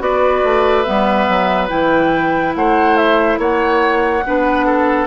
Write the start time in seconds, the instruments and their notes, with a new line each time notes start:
0.00 bassoon B3, clarinet F#4, oboe B4, flute D5
0.44 bassoon A3
0.84 bassoon G3, clarinet B3, flute E5
1.29 bassoon F#3
1.69 bassoon E3, clarinet E4, flute G5
2.56 bassoon A3, oboe C5, flute F#5
2.97 flute E5
3.38 bassoon A#3, oboe C#5, flute F#5
4.27 bassoon B3, clarinet D4, oboe B4
4.67 oboe A4